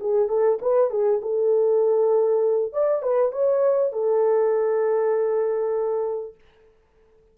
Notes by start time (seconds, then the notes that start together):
0.00 G#4
0.28 A4
0.62 B4
0.90 G#4
1.22 A4
2.73 D5
3.02 B4
3.32 C#5
3.93 A4